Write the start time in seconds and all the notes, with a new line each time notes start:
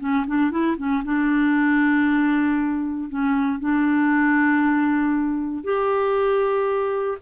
0.00 C#4
0.27 D4
0.51 E4
0.77 C#4
1.04 D4
3.09 C#4
3.60 D4
5.64 G4